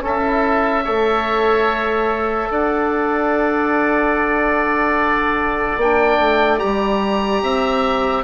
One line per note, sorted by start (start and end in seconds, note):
0.00 0.21 C#4
0.00 0.87 C#4
0.00 0.84 A4
0.06 2.53 E5
0.21 0.83 E4
0.84 2.50 A3
0.84 5.79 A4
0.84 2.48 C#5
2.50 5.76 D4
2.50 7.42 D5
2.50 5.80 F#5
5.76 6.17 A#3
5.76 6.58 D4
5.76 6.59 G5
6.19 6.60 A3
6.58 7.42 G3
6.58 8.22 G4
6.58 8.23 A#5
7.42 8.23 C4
7.42 8.23 E5